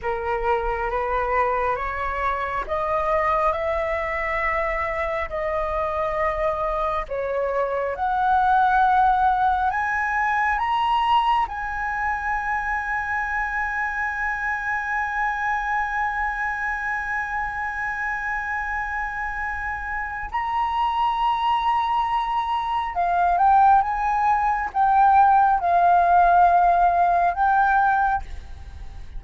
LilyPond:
\new Staff \with { instrumentName = "flute" } { \time 4/4 \tempo 4 = 68 ais'4 b'4 cis''4 dis''4 | e''2 dis''2 | cis''4 fis''2 gis''4 | ais''4 gis''2.~ |
gis''1~ | gis''2. ais''4~ | ais''2 f''8 g''8 gis''4 | g''4 f''2 g''4 | }